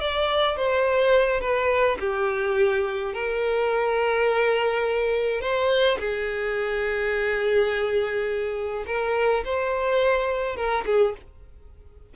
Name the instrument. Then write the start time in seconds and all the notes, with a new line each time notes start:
violin
0.00 D5
0.57 C5
1.41 B4
1.99 G4
3.14 A#4
5.41 C5
5.99 G#4
8.86 A#4
9.44 C5
10.56 A#4
10.85 G#4